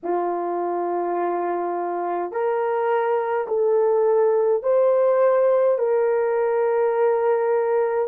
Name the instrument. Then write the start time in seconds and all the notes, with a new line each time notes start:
horn
0.03 F4
2.31 A#4
3.47 A4
4.63 C5
5.78 A#4